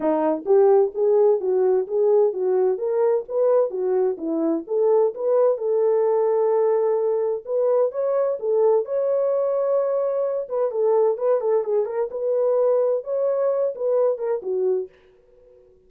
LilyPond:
\new Staff \with { instrumentName = "horn" } { \time 4/4 \tempo 4 = 129 dis'4 g'4 gis'4 fis'4 | gis'4 fis'4 ais'4 b'4 | fis'4 e'4 a'4 b'4 | a'1 |
b'4 cis''4 a'4 cis''4~ | cis''2~ cis''8 b'8 a'4 | b'8 a'8 gis'8 ais'8 b'2 | cis''4. b'4 ais'8 fis'4 | }